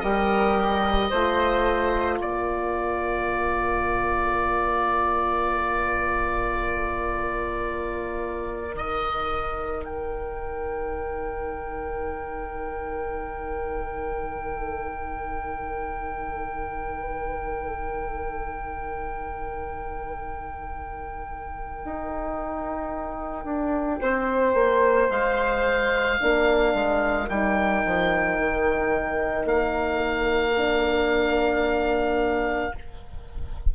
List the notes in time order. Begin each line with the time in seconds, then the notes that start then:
0.00 G3 G4 A#4 D#5
1.10 A3 F4 C5
2.19 A#3 A#4 D5
8.72 D#3 D#4 D#5
9.85 G5
21.85 D#4
23.45 D4
24.02 C4 C5
24.54 A#3
25.10 G#3 F5
26.20 A#3 D4 A#4
26.74 G#3
27.29 G3 D#4 G5
27.85 F3
28.38 D#3
29.45 A#3 F5
30.57 D4